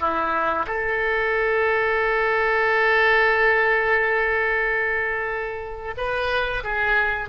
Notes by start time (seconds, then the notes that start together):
0.00 E4
0.67 A4
5.97 B4
6.63 G#4